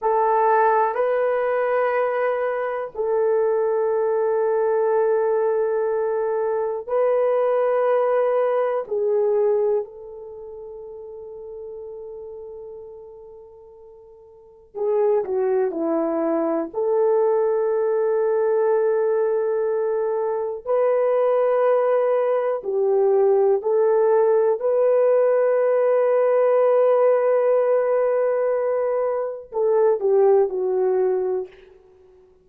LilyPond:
\new Staff \with { instrumentName = "horn" } { \time 4/4 \tempo 4 = 61 a'4 b'2 a'4~ | a'2. b'4~ | b'4 gis'4 a'2~ | a'2. gis'8 fis'8 |
e'4 a'2.~ | a'4 b'2 g'4 | a'4 b'2.~ | b'2 a'8 g'8 fis'4 | }